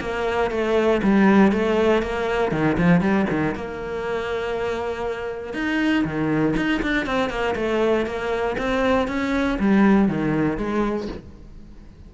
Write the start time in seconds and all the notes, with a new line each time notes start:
0.00 A#3
0.50 A3
1.02 G3
1.52 A3
2.02 A#3
2.51 D#3
2.77 F3
3.00 G3
3.30 D#3
3.55 A#3
5.53 D#4
6.04 D#3
6.56 D#4
6.82 D4
7.06 C4
7.29 A#3
7.55 A3
8.06 A#3
8.57 C4
9.07 C#4
9.59 G3
10.08 D#3
10.57 G#3